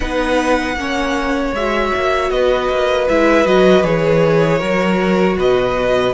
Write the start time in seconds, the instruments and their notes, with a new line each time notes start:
0.00 cello B3, viola D#4, violin B4 F#5
0.74 cello A#3, viola C#4, violin C#5
1.53 cello G#3, viola F#4, violin E5
1.95 cello A#3
2.30 cello B3, violin B4 D#5
2.69 cello A#3
3.08 cello G#3, viola E4, violin E5
3.45 cello F#3, viola F#4, violin D#5
3.83 cello E3, viola G#4, violin C#5
4.58 cello F#3, viola F#4, violin A#4
5.36 cello B2, violin B4 D#5